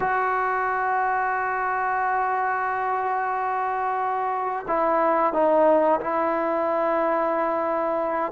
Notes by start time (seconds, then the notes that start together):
0.00 F#4
4.67 E4
5.33 D#4
6.00 E4